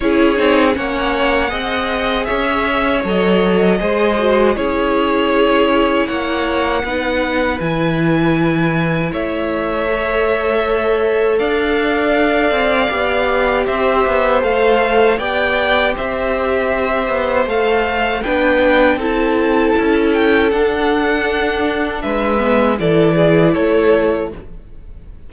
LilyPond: <<
  \new Staff \with { instrumentName = "violin" } { \time 4/4 \tempo 4 = 79 cis''4 fis''2 e''4 | dis''2 cis''2 | fis''2 gis''2 | e''2. f''4~ |
f''2 e''4 f''4 | g''4 e''2 f''4 | g''4 a''4. g''8 fis''4~ | fis''4 e''4 d''4 cis''4 | }
  \new Staff \with { instrumentName = "violin" } { \time 4/4 gis'4 cis''4 dis''4 cis''4~ | cis''4 c''4 gis'2 | cis''4 b'2. | cis''2. d''4~ |
d''2 c''2 | d''4 c''2. | b'4 a'2.~ | a'4 b'4 a'8 gis'8 a'4 | }
  \new Staff \with { instrumentName = "viola" } { \time 4/4 e'8 dis'8 cis'4 gis'2 | a'4 gis'8 fis'8 e'2~ | e'4 dis'4 e'2~ | e'4 a'2.~ |
a'4 g'2 a'4 | g'2. a'4 | d'4 e'2 d'4~ | d'4. b8 e'2 | }
  \new Staff \with { instrumentName = "cello" } { \time 4/4 cis'8 c'8 ais4 c'4 cis'4 | fis4 gis4 cis'2 | ais4 b4 e2 | a2. d'4~ |
d'8 c'8 b4 c'8 b8 a4 | b4 c'4. b8 a4 | b4 c'4 cis'4 d'4~ | d'4 gis4 e4 a4 | }
>>